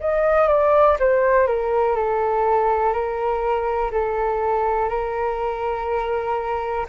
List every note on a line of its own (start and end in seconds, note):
0.00 0.48 D#5
0.48 0.97 D5
1.00 1.47 C5
1.47 1.96 A#4
1.96 2.93 A4
2.93 3.91 A#4
3.91 4.89 A4
4.89 6.86 A#4